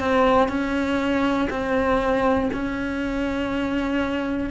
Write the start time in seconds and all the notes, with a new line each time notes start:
0.00 C4
0.49 C#4
1.50 C4
2.54 C#4